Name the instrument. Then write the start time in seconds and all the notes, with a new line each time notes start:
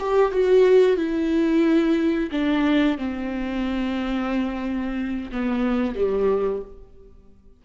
viola
0.00 G4
0.32 F#4
0.97 E4
2.32 D4
2.98 C4
5.32 B3
5.96 G3